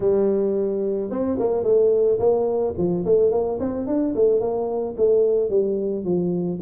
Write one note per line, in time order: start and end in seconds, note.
0.00 1.10 G3
1.10 1.37 C4
1.39 1.63 A#3
1.63 2.18 A3
2.19 2.74 A#3
2.77 3.05 F3
3.05 3.31 A3
3.31 3.59 A#3
3.59 3.87 C4
3.87 4.14 D4
4.15 4.40 A3
4.40 4.95 A#3
4.97 5.49 A3
5.49 6.04 G3
6.04 6.59 F3